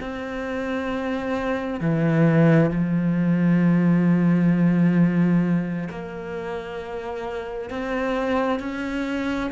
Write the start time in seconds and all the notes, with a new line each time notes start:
0.00 C4
1.80 E3
2.70 F3
5.89 A#3
7.70 C4
8.59 C#4